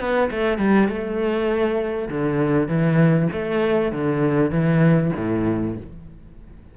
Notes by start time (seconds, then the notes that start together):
0.00 B3
0.31 A3
0.58 G3
0.89 A3
2.09 D3
2.68 E3
3.33 A3
3.92 D3
4.51 E3
5.17 A2